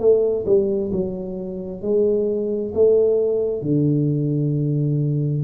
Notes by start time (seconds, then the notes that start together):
0.00 A3
0.46 G3
0.93 F#3
1.82 G#3
2.75 A3
3.62 D3